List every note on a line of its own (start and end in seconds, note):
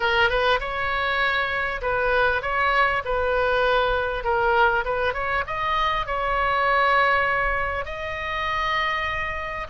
0.00 0.29 A#4
0.29 0.59 B4
0.60 1.81 C#5
1.81 2.42 B4
2.42 3.02 C#5
3.04 4.23 B4
4.23 4.84 A#4
4.84 5.13 B4
5.13 5.44 C#5
5.47 6.06 D#5
6.06 7.85 C#5
7.85 9.67 D#5